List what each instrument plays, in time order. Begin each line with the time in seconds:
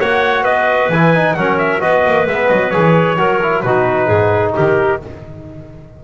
0.00 double bass A#3, trombone F#4, clarinet C#5, trumpet F#5
0.43 double bass B3, clarinet B4, trumpet D#5
0.89 double bass E3, trombone E4, trumpet G#5
1.15 trombone D#4
1.34 double bass F#3, trombone C#4, clarinet A#4, trumpet F#5
1.59 trumpet E5
1.80 double bass B3, trombone F#4, clarinet B4, trumpet D#5
2.05 double bass A#3
2.27 double bass G#3, trombone B3, trumpet E5
2.49 double bass F#3, trumpet D#5
2.70 double bass E3, trombone G#4, trumpet C#5
3.17 double bass F#3, trombone F#4, clarinet A#4
3.42 trombone E4
3.61 double bass B2, trombone D#4, clarinet F#4, trumpet B4
4.06 double bass G#2, clarinet G#4
4.54 double bass D#3, clarinet G4, trumpet A#4